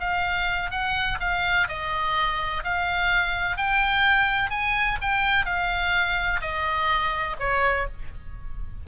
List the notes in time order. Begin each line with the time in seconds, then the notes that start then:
0.00 F5
0.71 F#5
1.20 F5
1.68 D#5
2.64 F5
3.57 G5
4.50 G#5
5.01 G5
5.46 F5
6.41 D#5
7.39 C#5